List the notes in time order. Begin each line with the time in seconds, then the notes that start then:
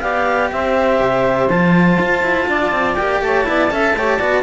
0.00 B3 G4 D5 F5
0.51 C4 C5 E5
1.00 C3
1.48 F3 F4 A5
2.00 F4
2.22 E4
2.48 D4 D5
2.71 C4
2.94 A#3 G4 G5
3.20 A3 C#5 A5
3.44 B3 E4 D5
3.70 C#4 A4 E5
3.93 A3 G4 C#5
4.17 B3 F#4 D5